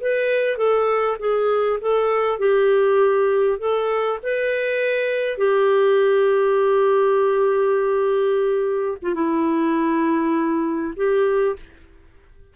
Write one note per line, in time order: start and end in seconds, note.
0.00 0.57 B4
0.57 1.17 A4
1.19 1.79 G#4
1.81 2.38 A4
2.38 3.58 G4
3.59 4.19 A4
4.23 5.37 B4
5.37 8.97 G4
9.02 9.14 F4
9.14 10.94 E4
10.96 11.56 G4